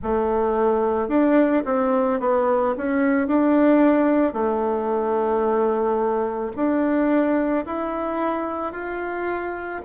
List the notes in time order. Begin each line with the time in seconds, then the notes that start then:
0.02 A3
1.08 D4
1.65 C4
2.20 B3
2.77 C#4
3.27 D4
4.33 A3
6.56 D4
7.65 E4
8.72 F4